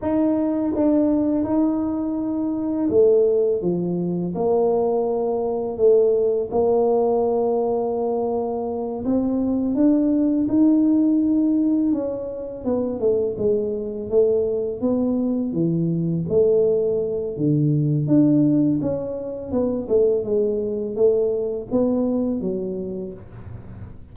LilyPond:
\new Staff \with { instrumentName = "tuba" } { \time 4/4 \tempo 4 = 83 dis'4 d'4 dis'2 | a4 f4 ais2 | a4 ais2.~ | ais8 c'4 d'4 dis'4.~ |
dis'8 cis'4 b8 a8 gis4 a8~ | a8 b4 e4 a4. | d4 d'4 cis'4 b8 a8 | gis4 a4 b4 fis4 | }